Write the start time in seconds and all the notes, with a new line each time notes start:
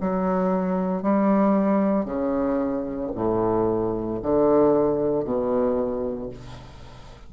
0.00 F#3
1.02 G3
2.05 C#3
3.15 A2
4.22 D3
5.24 B2